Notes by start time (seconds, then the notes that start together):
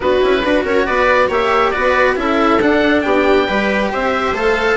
0.00 B3 D4 F#4 B4
0.21 C#4 E4
0.41 D4 F#4 B4
0.64 C#4 A#4 C#5
0.86 B3 B4 D5
1.28 A#3 G4 C#5 E5
1.71 B3 F#4 B4 D5
2.15 C#4 E4 A4 E5
2.60 D4 F#5
3.01 B3 G4 G5
3.47 G3 G4 B4
3.92 C4 C5 E5
4.32 A3 A4 F5